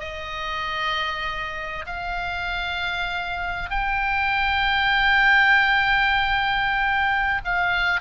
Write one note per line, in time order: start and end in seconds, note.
0.00 1.86 D#5
1.86 3.71 F5
3.71 7.42 G5
7.45 8.01 F5